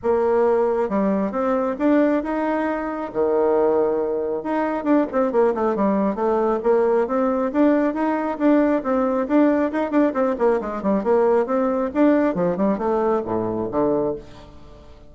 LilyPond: \new Staff \with { instrumentName = "bassoon" } { \time 4/4 \tempo 4 = 136 ais2 g4 c'4 | d'4 dis'2 dis4~ | dis2 dis'4 d'8 c'8 | ais8 a8 g4 a4 ais4 |
c'4 d'4 dis'4 d'4 | c'4 d'4 dis'8 d'8 c'8 ais8 | gis8 g8 ais4 c'4 d'4 | f8 g8 a4 a,4 d4 | }